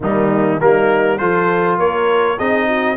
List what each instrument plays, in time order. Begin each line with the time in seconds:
0.00 tuba D#3, trombone G3, horn A#3, trumpet D#4
0.60 tuba G3, trombone A#3, horn D#4, trumpet A#4
1.18 tuba F3, trombone F4, horn A4, trumpet C5
1.78 tuba A#3, horn A#4, trumpet C#5
2.37 tuba C4, trombone D#4, horn G#4, trumpet D#5
2.68 horn F#4